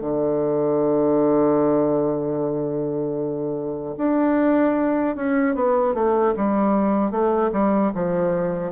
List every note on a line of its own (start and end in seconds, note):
0.00 3.95 D3
3.97 5.15 D4
5.15 5.55 C#4
5.55 5.94 B3
5.94 6.33 A3
6.36 7.11 G3
7.11 7.50 A3
7.52 7.91 G3
7.94 8.71 F3